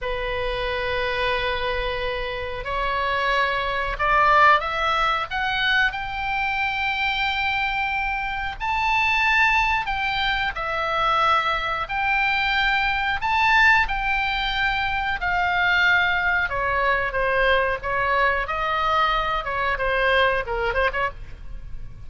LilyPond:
\new Staff \with { instrumentName = "oboe" } { \time 4/4 \tempo 4 = 91 b'1 | cis''2 d''4 e''4 | fis''4 g''2.~ | g''4 a''2 g''4 |
e''2 g''2 | a''4 g''2 f''4~ | f''4 cis''4 c''4 cis''4 | dis''4. cis''8 c''4 ais'8 c''16 cis''16 | }